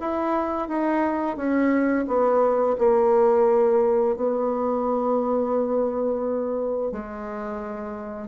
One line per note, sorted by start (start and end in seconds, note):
0.00 0.68 E4
0.68 1.37 D#4
1.37 2.06 C#4
2.08 2.76 B3
2.78 4.16 A#3
4.16 6.92 B3
6.92 8.28 G#3